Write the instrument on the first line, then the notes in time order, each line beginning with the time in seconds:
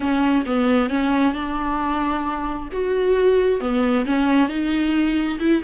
viola
0.00 C#4
0.46 B3
0.89 C#4
1.33 D4
2.72 F#4
3.60 B3
4.05 C#4
4.48 D#4
5.39 E4